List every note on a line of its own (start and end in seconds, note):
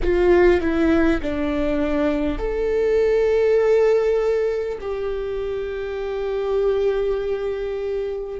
0.02 0.60 F4
0.60 1.20 E4
1.21 2.38 D4
2.38 4.78 A4
4.81 8.39 G4